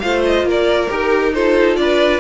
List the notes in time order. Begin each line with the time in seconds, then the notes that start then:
0.00 A3 F4 C5 F5
0.26 D#5
0.43 A#3 A#4
0.51 D5
0.89 D#4 G4 A#4
1.34 F4 A4 C5
1.77 D4 B4 D5